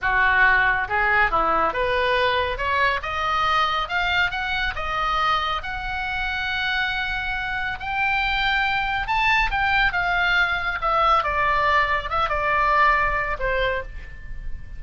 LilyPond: \new Staff \with { instrumentName = "oboe" } { \time 4/4 \tempo 4 = 139 fis'2 gis'4 e'4 | b'2 cis''4 dis''4~ | dis''4 f''4 fis''4 dis''4~ | dis''4 fis''2.~ |
fis''2 g''2~ | g''4 a''4 g''4 f''4~ | f''4 e''4 d''2 | e''8 d''2~ d''8 c''4 | }